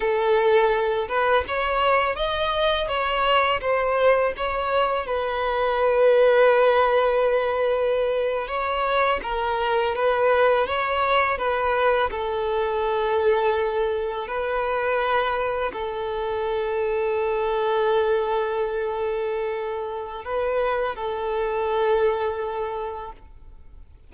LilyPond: \new Staff \with { instrumentName = "violin" } { \time 4/4 \tempo 4 = 83 a'4. b'8 cis''4 dis''4 | cis''4 c''4 cis''4 b'4~ | b'2.~ b'8. cis''16~ | cis''8. ais'4 b'4 cis''4 b'16~ |
b'8. a'2. b'16~ | b'4.~ b'16 a'2~ a'16~ | a'1 | b'4 a'2. | }